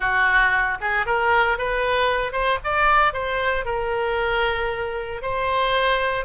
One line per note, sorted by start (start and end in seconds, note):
0.00 0.78 F#4
0.80 1.06 G#4
1.06 1.57 A#4
1.57 2.32 B4
2.32 2.58 C5
2.63 3.13 D5
3.13 3.65 C5
3.65 5.22 A#4
5.22 6.25 C5